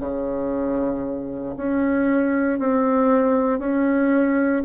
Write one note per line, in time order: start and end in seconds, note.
0.00 1.55 C#3
1.57 2.60 C#4
2.60 3.60 C4
3.60 4.63 C#4